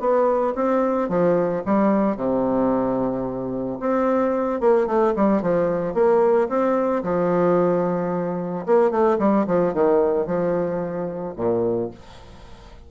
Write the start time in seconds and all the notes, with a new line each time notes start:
0.00 B3
0.55 C4
1.09 F3
1.66 G3
2.17 C3
3.80 C4
4.61 A#3
4.87 A3
5.16 G3
5.42 F3
5.94 A#3
6.49 C4
7.04 F3
8.66 A#3
8.91 A3
9.19 G3
9.47 F3
9.74 D#3
10.27 F3
11.36 A#2